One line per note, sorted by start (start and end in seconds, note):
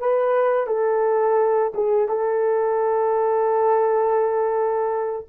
0.00 0.67 B4
0.67 1.73 A4
1.75 2.09 G#4
2.09 5.26 A4